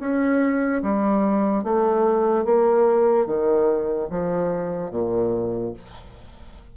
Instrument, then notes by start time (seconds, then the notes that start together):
bassoon
0.00 C#4
0.83 G3
1.64 A3
2.45 A#3
3.27 D#3
4.11 F3
4.91 A#2